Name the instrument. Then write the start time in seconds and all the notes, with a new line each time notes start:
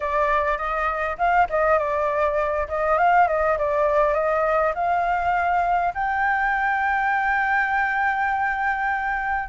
flute
0.00 D5
0.57 D#5
1.17 F5
1.49 D#5
1.78 D5
2.68 D#5
2.98 F5
3.27 D#5
3.58 D5
4.13 D#5
4.74 F5
5.94 G5